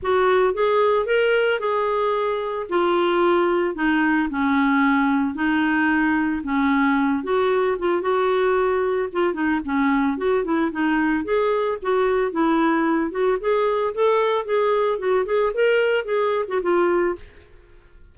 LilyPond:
\new Staff \with { instrumentName = "clarinet" } { \time 4/4 \tempo 4 = 112 fis'4 gis'4 ais'4 gis'4~ | gis'4 f'2 dis'4 | cis'2 dis'2 | cis'4. fis'4 f'8 fis'4~ |
fis'4 f'8 dis'8 cis'4 fis'8 e'8 | dis'4 gis'4 fis'4 e'4~ | e'8 fis'8 gis'4 a'4 gis'4 | fis'8 gis'8 ais'4 gis'8. fis'16 f'4 | }